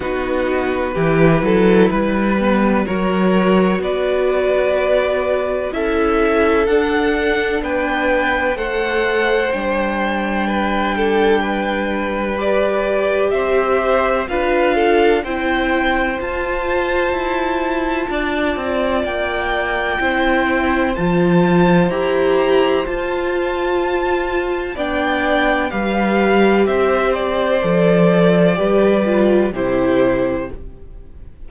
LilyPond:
<<
  \new Staff \with { instrumentName = "violin" } { \time 4/4 \tempo 4 = 63 b'2. cis''4 | d''2 e''4 fis''4 | g''4 fis''4 g''2~ | g''4 d''4 e''4 f''4 |
g''4 a''2. | g''2 a''4 ais''4 | a''2 g''4 f''4 | e''8 d''2~ d''8 c''4 | }
  \new Staff \with { instrumentName = "violin" } { \time 4/4 fis'4 g'8 a'8 b'4 ais'4 | b'2 a'2 | b'4 c''2 b'8 a'8 | b'2 c''4 b'8 a'8 |
c''2. d''4~ | d''4 c''2.~ | c''2 d''4 b'4 | c''2 b'4 g'4 | }
  \new Staff \with { instrumentName = "viola" } { \time 4/4 dis'4 e'4. b8 fis'4~ | fis'2 e'4 d'4~ | d'4 a'4 d'2~ | d'4 g'2 f'4 |
e'4 f'2.~ | f'4 e'4 f'4 g'4 | f'2 d'4 g'4~ | g'4 a'4 g'8 f'8 e'4 | }
  \new Staff \with { instrumentName = "cello" } { \time 4/4 b4 e8 fis8 g4 fis4 | b2 cis'4 d'4 | b4 a4 g2~ | g2 c'4 d'4 |
c'4 f'4 e'4 d'8 c'8 | ais4 c'4 f4 e'4 | f'2 b4 g4 | c'4 f4 g4 c4 | }
>>